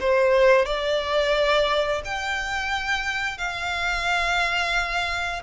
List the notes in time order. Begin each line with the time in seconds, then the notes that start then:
0.00 C5
0.65 D5
2.05 G5
3.37 F5